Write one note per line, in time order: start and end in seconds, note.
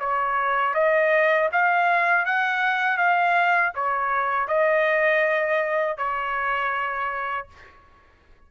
0.00 0.75 C#5
0.75 1.50 D#5
1.52 2.26 F5
2.26 2.98 F#5
2.98 3.73 F5
3.75 4.48 C#5
4.48 5.98 D#5
5.98 7.48 C#5